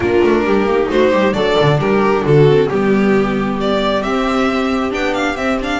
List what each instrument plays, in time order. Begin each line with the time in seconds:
0.00 double bass A#3, viola D4 F4, violin A#4
0.23 double bass A3
0.45 double bass G3, viola G4
0.64 double bass A#3, viola D#4
0.89 double bass A3, viola F#4, violin C5
1.11 double bass G3, viola G4
1.33 double bass F#3, viola D4 A4, violin D5
1.60 double bass D3
1.78 double bass G3, viola G4, violin A#4
2.23 double bass D3, viola F#4, violin A4
2.47 viola C4
2.68 double bass G3, viola B3 G4, violin G4
3.60 violin D5
4.01 viola C4, double bass C4, violin E5
4.90 double bass B3, viola D4, violin G5
5.14 violin F5
5.36 viola C4, double bass C4, violin E5
5.61 viola D4, violin F5